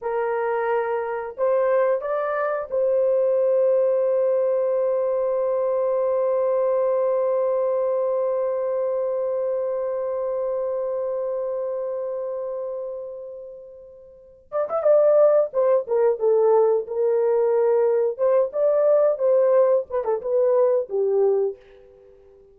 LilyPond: \new Staff \with { instrumentName = "horn" } { \time 4/4 \tempo 4 = 89 ais'2 c''4 d''4 | c''1~ | c''1~ | c''1~ |
c''1~ | c''4. d''16 e''16 d''4 c''8 ais'8 | a'4 ais'2 c''8 d''8~ | d''8 c''4 b'16 a'16 b'4 g'4 | }